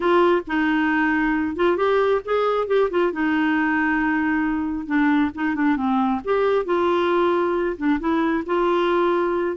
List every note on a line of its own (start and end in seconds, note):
0.00 0.42 F4
0.47 1.56 D#4
1.56 1.76 F4
1.76 2.21 G4
2.24 2.67 G#4
2.67 2.89 G4
2.90 3.12 F4
3.12 4.86 D#4
4.86 5.31 D4
5.34 5.55 D#4
5.55 5.76 D4
5.76 6.20 C4
6.24 6.65 G4
6.65 7.76 F4
7.77 7.99 D4
7.99 8.44 E4
8.46 9.56 F4